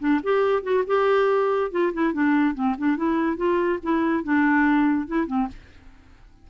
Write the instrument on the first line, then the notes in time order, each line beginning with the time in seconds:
clarinet
0.00 D4
0.23 G4
0.63 F#4
0.87 G4
1.72 F4
1.94 E4
2.14 D4
2.55 C4
2.78 D4
2.97 E4
3.37 F4
3.83 E4
4.24 D4
5.07 E4
5.27 C4